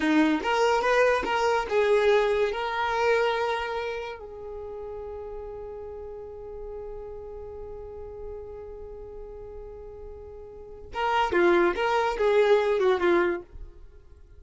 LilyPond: \new Staff \with { instrumentName = "violin" } { \time 4/4 \tempo 4 = 143 dis'4 ais'4 b'4 ais'4 | gis'2 ais'2~ | ais'2 gis'2~ | gis'1~ |
gis'1~ | gis'1~ | gis'2 ais'4 f'4 | ais'4 gis'4. fis'8 f'4 | }